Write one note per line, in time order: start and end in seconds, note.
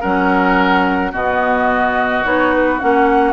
0.00 1.13 F#3
0.00 1.12 C#4
0.00 1.11 A#4
0.00 1.12 F#5
1.11 2.24 B2
1.11 2.23 B3
1.11 3.33 F#4
1.11 2.25 D#5
2.24 2.80 B3
2.24 2.79 D#4
2.24 2.53 C#5
2.53 2.79 B4
2.79 3.33 A#3
2.79 3.33 C#4
2.79 3.33 F#5